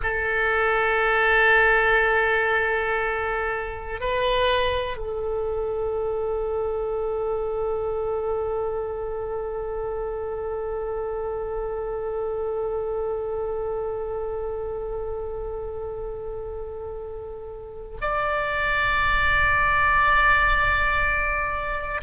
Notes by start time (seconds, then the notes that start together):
0.02 A4
4.00 B4
4.97 A4
18.00 D5